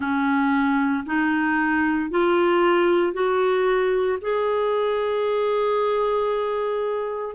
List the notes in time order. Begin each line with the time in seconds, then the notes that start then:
0.00 C#4
1.05 D#4
2.10 F4
3.13 F#4
4.21 G#4